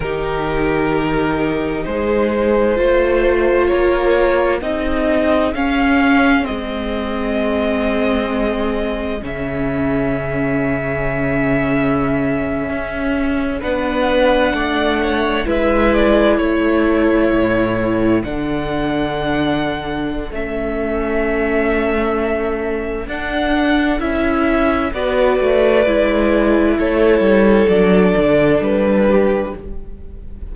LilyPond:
<<
  \new Staff \with { instrumentName = "violin" } { \time 4/4 \tempo 4 = 65 ais'2 c''2 | cis''4 dis''4 f''4 dis''4~ | dis''2 e''2~ | e''2~ e''8. fis''4~ fis''16~ |
fis''8. e''8 d''8 cis''2 fis''16~ | fis''2 e''2~ | e''4 fis''4 e''4 d''4~ | d''4 cis''4 d''4 b'4 | }
  \new Staff \with { instrumentName = "violin" } { \time 4/4 g'2 gis'4 c''4 | ais'4 gis'2.~ | gis'1~ | gis'2~ gis'8. b'4 d''16~ |
d''16 cis''8 b'4 a'2~ a'16~ | a'1~ | a'2. b'4~ | b'4 a'2~ a'8 g'8 | }
  \new Staff \with { instrumentName = "viola" } { \time 4/4 dis'2. f'4~ | f'4 dis'4 cis'4 c'4~ | c'2 cis'2~ | cis'2~ cis'8. d'4~ d'16~ |
d'8. e'2. d'16~ | d'2 cis'2~ | cis'4 d'4 e'4 fis'4 | e'2 d'2 | }
  \new Staff \with { instrumentName = "cello" } { \time 4/4 dis2 gis4 a4 | ais4 c'4 cis'4 gis4~ | gis2 cis2~ | cis4.~ cis16 cis'4 b4 a16~ |
a8. gis4 a4 a,4 d16~ | d2 a2~ | a4 d'4 cis'4 b8 a8 | gis4 a8 g8 fis8 d8 g4 | }
>>